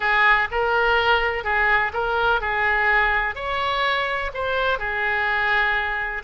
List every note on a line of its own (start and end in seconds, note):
0.00 0.48 G#4
0.51 1.44 A#4
1.44 1.92 G#4
1.93 2.40 A#4
2.40 3.35 G#4
3.35 4.31 C#5
4.34 4.78 C5
4.78 6.22 G#4